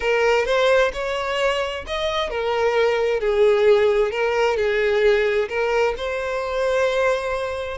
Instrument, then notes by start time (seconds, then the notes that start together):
violin
0.00 A#4
0.45 C5
0.93 C#5
1.87 D#5
2.30 A#4
3.20 G#4
4.11 A#4
4.56 G#4
5.48 A#4
5.97 C5